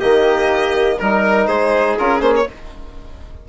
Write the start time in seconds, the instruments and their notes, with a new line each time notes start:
0.00 bassoon D#3, trombone A#3, trumpet G4, violin D#5
0.98 bassoon G3, trombone D#4, violin A#4, trumpet A#4
1.47 bassoon G#3, trumpet G#4, violin C5
1.99 bassoon C#4, trombone F4, violin A#4
2.20 bassoon A#3, trombone C#4, violin C5
2.36 violin C#5